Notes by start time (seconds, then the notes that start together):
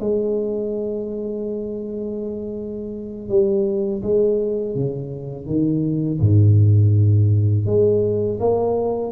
0.00 G#3
3.29 G3
4.03 G#3
4.75 C#3
5.46 D#3
6.21 G#2
7.66 G#3
8.40 A#3